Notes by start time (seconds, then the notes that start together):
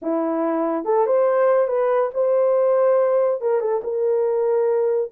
0.02 E4
0.85 A4
1.06 C5
1.67 B4
2.14 C5
3.41 A#4
3.60 A4
3.83 A#4